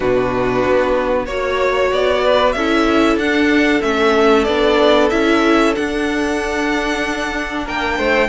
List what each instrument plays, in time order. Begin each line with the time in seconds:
0.00 cello B2, viola D4, violin F#4 B4
0.65 cello B3
1.25 cello A#3, viola F#4, violin C#5
1.91 cello B3, violin D5
2.23 violin B4
2.52 cello C#4, viola E4, violin A4 E5
3.16 cello D4, viola D4, violin F#5
3.82 cello A3, viola C#4, violin E5
4.44 cello B3, viola D4, violin D5
5.10 cello C#4, viola E4, violin E5
5.74 viola D4, cello D4, violin F#5
7.64 cello A#3, violin A#4 G5
7.97 cello A3, violin C5